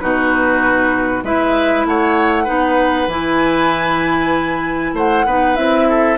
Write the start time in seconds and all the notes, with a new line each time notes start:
0.00 B2 D#4 F#4 B4
1.23 G#3 E4 B4 E5
1.86 A3 C#5 F#5
2.44 B3 D#4 B4
3.08 E3 E4 G#5
4.93 A3 C5 F#5
5.26 B3 D#4 B4
5.56 C4 E4 E5
5.89 A4